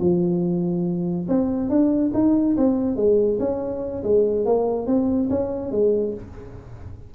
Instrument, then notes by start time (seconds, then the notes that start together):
tuba
0.00 F3
1.28 C4
1.69 D4
2.14 D#4
2.57 C4
2.96 G#3
3.39 C#4
4.03 G#3
4.45 A#3
4.86 C4
5.29 C#4
5.71 G#3